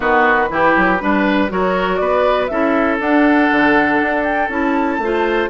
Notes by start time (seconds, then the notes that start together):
0.00 D#3 B3 F#4 B4
0.48 E3 E4 G4
0.76 F#3
1.00 G3 D4 B4
1.48 F#3 F#4 A#4 C#5
1.96 B3 B4 D5
2.46 C#4 E4 A4 E5
2.99 D4 F#5
3.51 D3
4.01 D4
4.23 G5
4.49 C#4 E4 A5
4.98 A3 F4 C5